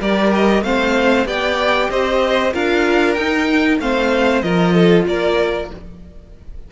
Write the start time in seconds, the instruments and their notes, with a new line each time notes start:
0.00 cello G3, viola G4, violin A#4 D5
0.34 violin D#5
0.62 cello A3, viola C4, violin C5 F5
1.25 cello B3, viola G4, violin D5 G5
1.90 cello C4, violin C5 D#5
2.53 cello D4, viola F4, violin A#4 F5
3.14 cello D#4, viola D#4, violin G5
3.79 cello A3, viola C4, violin C5 F5
4.41 cello F3, viola F4, violin A#4 D#5
4.74 violin A4
5.07 cello A#3, violin A#4 D5